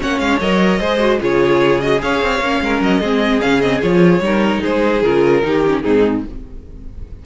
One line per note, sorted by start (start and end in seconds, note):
0.00 0.20 A#3
0.00 0.41 C#4
0.00 0.80 C#5
0.00 0.19 F#5
0.19 0.40 G#3
0.19 0.39 F5
0.40 0.80 F#3
0.40 0.80 A#4
0.40 1.21 D#5
0.80 1.21 G#3
0.80 0.99 G#4
0.80 1.20 C5
0.99 1.19 F#4
1.21 2.02 C#3
1.21 1.81 F4
1.21 2.02 G#4
1.21 1.81 C#5
1.81 1.98 F#4
1.81 2.01 D#5
1.98 2.22 C#4
1.98 2.38 G#4
1.98 2.63 C#5
1.98 2.82 F5
2.22 2.40 C4
2.40 2.60 A#3
2.40 3.03 C#4
2.61 2.81 G#3
2.61 3.01 A#4
2.81 3.01 F#3
2.81 3.42 D#5
3.01 3.41 G#3
3.01 3.41 C4
3.01 4.22 G#4
3.41 3.83 C#3
3.41 3.61 C#4
3.41 3.61 F5
3.61 3.81 C4
3.61 3.81 D#5
3.81 4.19 F3
3.81 4.22 F4
3.81 4.63 C#5
4.19 4.60 G3
4.19 5.04 D#4
4.19 4.62 A#4
4.62 5.03 G#3
4.62 5.43 G#4
4.62 5.03 C5
5.03 5.43 C#3
5.03 5.43 F4
5.03 5.81 A#4
5.43 5.84 D#3
5.43 5.63 D#4
5.43 5.84 G4
5.67 5.84 C#4
5.81 6.25 G#2
5.81 6.25 C4
5.81 6.24 D#4
5.81 6.21 G#4